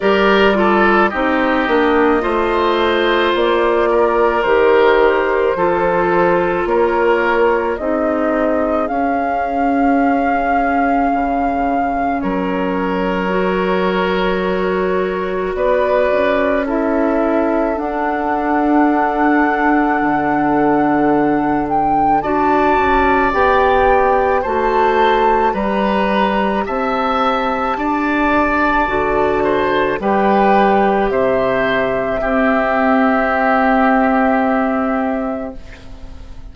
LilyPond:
<<
  \new Staff \with { instrumentName = "flute" } { \time 4/4 \tempo 4 = 54 d''4 dis''2 d''4 | c''2 cis''4 dis''4 | f''2. cis''4~ | cis''2 d''4 e''4 |
fis''2.~ fis''8 g''8 | a''4 g''4 a''4 ais''4 | a''2. g''4 | e''1 | }
  \new Staff \with { instrumentName = "oboe" } { \time 4/4 ais'8 a'8 g'4 c''4. ais'8~ | ais'4 a'4 ais'4 gis'4~ | gis'2. ais'4~ | ais'2 b'4 a'4~ |
a'1 | d''2 c''4 b'4 | e''4 d''4. c''8 b'4 | c''4 g'2. | }
  \new Staff \with { instrumentName = "clarinet" } { \time 4/4 g'8 f'8 dis'8 d'8 f'2 | g'4 f'2 dis'4 | cis'1 | fis'2. e'4 |
d'1 | fis'4 g'4 fis'4 g'4~ | g'2 fis'4 g'4~ | g'4 c'2. | }
  \new Staff \with { instrumentName = "bassoon" } { \time 4/4 g4 c'8 ais8 a4 ais4 | dis4 f4 ais4 c'4 | cis'2 cis4 fis4~ | fis2 b8 cis'4. |
d'2 d2 | d'8 cis'8 b4 a4 g4 | c'4 d'4 d4 g4 | c4 c'2. | }
>>